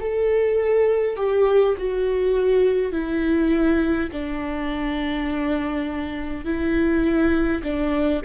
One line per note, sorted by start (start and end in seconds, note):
0.00 1.17 A4
1.17 1.75 G4
1.78 2.92 F#4
2.92 4.10 E4
4.12 6.45 D4
6.45 7.63 E4
7.64 8.22 D4